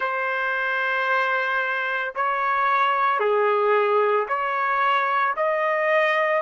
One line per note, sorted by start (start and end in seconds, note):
0.00 2.13 C5
2.15 3.19 C#5
3.19 4.26 G#4
4.28 5.35 C#5
5.36 6.42 D#5